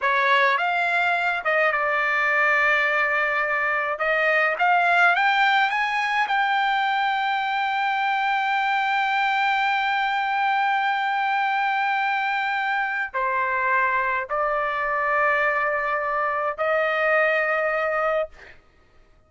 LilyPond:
\new Staff \with { instrumentName = "trumpet" } { \time 4/4 \tempo 4 = 105 cis''4 f''4. dis''8 d''4~ | d''2. dis''4 | f''4 g''4 gis''4 g''4~ | g''1~ |
g''1~ | g''2. c''4~ | c''4 d''2.~ | d''4 dis''2. | }